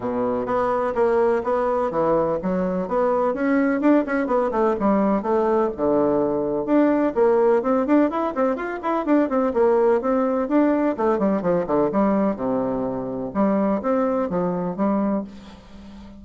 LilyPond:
\new Staff \with { instrumentName = "bassoon" } { \time 4/4 \tempo 4 = 126 b,4 b4 ais4 b4 | e4 fis4 b4 cis'4 | d'8 cis'8 b8 a8 g4 a4 | d2 d'4 ais4 |
c'8 d'8 e'8 c'8 f'8 e'8 d'8 c'8 | ais4 c'4 d'4 a8 g8 | f8 d8 g4 c2 | g4 c'4 f4 g4 | }